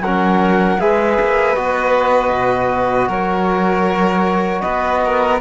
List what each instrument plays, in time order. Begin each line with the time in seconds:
0.00 cello F#3, trombone C#4, violin A#4, flute F#5
0.79 cello G#3, trombone G#4, violin B4, flute E5
1.20 cello A#3
1.55 cello B3, trombone F#4, flute D#5
2.32 cello B2
3.08 cello F#3, violin A#4, flute C#5
4.61 cello B3, violin B4, flute D#5
5.05 violin A#4